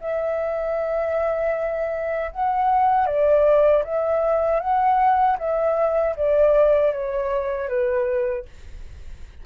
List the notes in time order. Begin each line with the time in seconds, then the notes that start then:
0.00 E5
2.31 F#5
3.06 D5
3.84 E5
4.60 F#5
5.38 E5
6.16 D5
6.93 C#5
7.68 B4